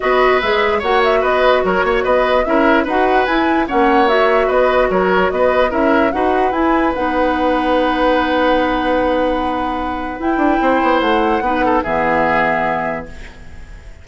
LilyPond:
<<
  \new Staff \with { instrumentName = "flute" } { \time 4/4 \tempo 4 = 147 dis''4 e''4 fis''8 e''8 dis''4 | cis''4 dis''4 e''4 fis''4 | gis''4 fis''4 e''4 dis''4 | cis''4 dis''4 e''4 fis''4 |
gis''4 fis''2.~ | fis''1~ | fis''4 g''2 fis''4~ | fis''4 e''2. | }
  \new Staff \with { instrumentName = "oboe" } { \time 4/4 b'2 cis''4 b'4 | ais'8 cis''8 b'4 ais'4 b'4~ | b'4 cis''2 b'4 | ais'4 b'4 ais'4 b'4~ |
b'1~ | b'1~ | b'2 c''2 | b'8 a'8 gis'2. | }
  \new Staff \with { instrumentName = "clarinet" } { \time 4/4 fis'4 gis'4 fis'2~ | fis'2 e'4 fis'4 | e'4 cis'4 fis'2~ | fis'2 e'4 fis'4 |
e'4 dis'2.~ | dis'1~ | dis'4 e'2. | dis'4 b2. | }
  \new Staff \with { instrumentName = "bassoon" } { \time 4/4 b4 gis4 ais4 b4 | fis8 ais8 b4 cis'4 dis'4 | e'4 ais2 b4 | fis4 b4 cis'4 dis'4 |
e'4 b2.~ | b1~ | b4 e'8 d'8 c'8 b8 a4 | b4 e2. | }
>>